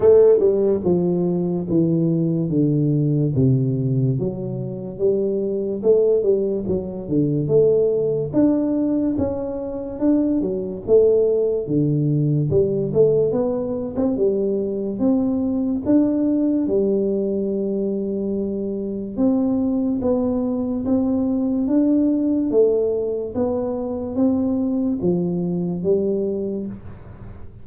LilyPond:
\new Staff \with { instrumentName = "tuba" } { \time 4/4 \tempo 4 = 72 a8 g8 f4 e4 d4 | c4 fis4 g4 a8 g8 | fis8 d8 a4 d'4 cis'4 | d'8 fis8 a4 d4 g8 a8 |
b8. c'16 g4 c'4 d'4 | g2. c'4 | b4 c'4 d'4 a4 | b4 c'4 f4 g4 | }